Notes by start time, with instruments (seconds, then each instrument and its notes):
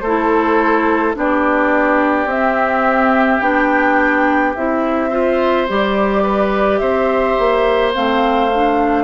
0.00 bassoon A3, oboe A4, flute C5
0.06 clarinet E4
1.14 bassoon B3, clarinet D4, oboe G4, flute D5
2.26 bassoon C4, clarinet C4, flute E5
3.40 bassoon B3, clarinet D4, flute G5
4.55 bassoon C4, clarinet E4, flute E5
5.10 clarinet F4, oboe C5
5.68 bassoon G3, clarinet G4, flute D5
6.23 oboe B4
6.78 bassoon C4, oboe C5, flute E5
7.39 bassoon A#3
7.94 bassoon A3, clarinet C4, flute F5
8.54 clarinet D4